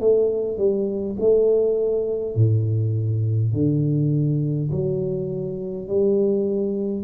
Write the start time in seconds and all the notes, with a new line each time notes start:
0.00 A3
0.58 G3
1.20 A3
2.35 A2
3.53 D3
4.71 F#3
5.88 G3